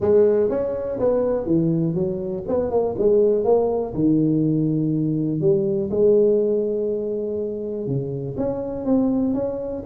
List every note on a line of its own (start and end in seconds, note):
0.00 0.49 G#3
0.49 0.98 C#4
0.99 1.46 B3
1.46 1.94 E3
1.94 2.43 F#3
2.47 2.70 B3
2.70 2.95 A#3
2.98 3.44 G#3
3.44 3.93 A#3
3.94 5.40 D#3
5.40 5.89 G3
5.90 7.87 G#3
7.87 8.36 C#3
8.37 8.85 C#4
8.85 9.34 C4
9.34 9.83 C#4